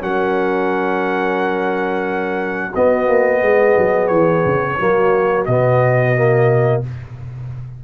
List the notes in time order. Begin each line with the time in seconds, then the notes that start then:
0.00 F#3 C#4 A#4 F#5
2.70 B3 F#4 D#5
3.08 A#3
3.42 G#3 G#4
3.78 F#3
4.07 E3 C#5
4.45 C#3
4.79 F#3 A#3 F#4
5.45 B2 B3 D#5
6.15 A#3